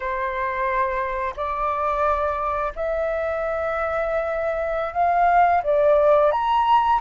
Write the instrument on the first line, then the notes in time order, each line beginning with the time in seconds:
flute
0.00 C5
1.36 D5
2.75 E5
4.93 F5
5.63 D5
6.31 A#5